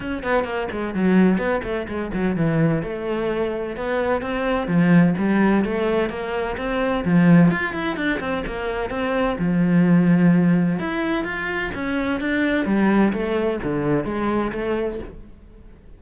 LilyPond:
\new Staff \with { instrumentName = "cello" } { \time 4/4 \tempo 4 = 128 cis'8 b8 ais8 gis8 fis4 b8 a8 | gis8 fis8 e4 a2 | b4 c'4 f4 g4 | a4 ais4 c'4 f4 |
f'8 e'8 d'8 c'8 ais4 c'4 | f2. e'4 | f'4 cis'4 d'4 g4 | a4 d4 gis4 a4 | }